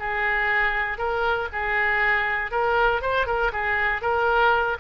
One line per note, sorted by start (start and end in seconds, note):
0.00 0.98 G#4
0.98 1.49 A#4
1.53 2.52 G#4
2.52 3.02 A#4
3.02 3.27 C5
3.27 3.52 A#4
3.53 4.02 G#4
4.02 4.78 A#4